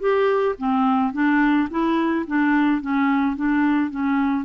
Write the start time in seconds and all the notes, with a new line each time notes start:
0.00 G4
0.58 C4
1.13 D4
1.70 E4
2.27 D4
2.82 C#4
3.37 D4
3.91 C#4